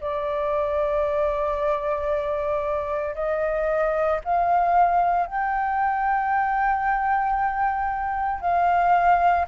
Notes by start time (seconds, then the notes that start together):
0.00 D5
3.14 D#5
4.24 F5
5.26 G5
8.40 F5